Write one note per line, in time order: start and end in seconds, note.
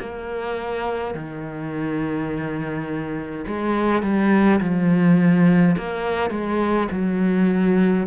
0.00 1.14 A#3
1.14 3.45 D#3
3.47 4.03 G#3
4.03 4.60 G3
4.60 5.76 F3
5.77 6.30 A#3
6.30 6.88 G#3
6.91 8.07 F#3